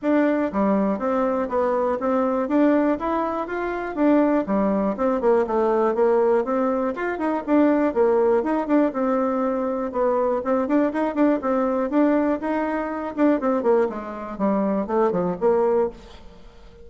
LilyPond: \new Staff \with { instrumentName = "bassoon" } { \time 4/4 \tempo 4 = 121 d'4 g4 c'4 b4 | c'4 d'4 e'4 f'4 | d'4 g4 c'8 ais8 a4 | ais4 c'4 f'8 dis'8 d'4 |
ais4 dis'8 d'8 c'2 | b4 c'8 d'8 dis'8 d'8 c'4 | d'4 dis'4. d'8 c'8 ais8 | gis4 g4 a8 f8 ais4 | }